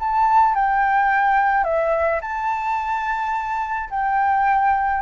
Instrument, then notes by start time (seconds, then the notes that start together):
flute
0.00 A5
0.56 G5
1.64 E5
2.22 A5
3.90 G5